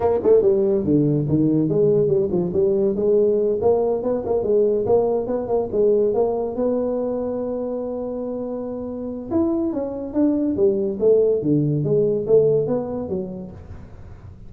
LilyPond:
\new Staff \with { instrumentName = "tuba" } { \time 4/4 \tempo 4 = 142 ais8 a8 g4 d4 dis4 | gis4 g8 f8 g4 gis4~ | gis8 ais4 b8 ais8 gis4 ais8~ | ais8 b8 ais8 gis4 ais4 b8~ |
b1~ | b2 e'4 cis'4 | d'4 g4 a4 d4 | gis4 a4 b4 fis4 | }